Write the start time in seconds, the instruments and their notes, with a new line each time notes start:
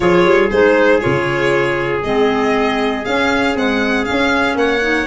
0.00 tuba F3, clarinet F4, trumpet G#4, violin C#5
0.25 tuba G3
0.51 tuba G#3, clarinet D#4, violin C5
1.00 tuba C#3, clarinet F4, violin C#5
2.03 tuba G#3, clarinet C4, violin D#5
3.05 clarinet C#4, tuba C#4, violin F5
3.55 clarinet G#3, tuba C4, violin F#5
4.05 clarinet C#4, tuba C#4, violin F5
4.55 tuba A#3, trumpet C#5, violin F#5
4.81 clarinet D#4